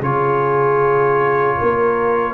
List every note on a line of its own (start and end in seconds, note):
0.00 1.56 C#3
0.00 2.33 F4
0.00 1.56 G#4
0.00 2.33 C#5
1.57 2.33 A#3
1.57 2.33 A#4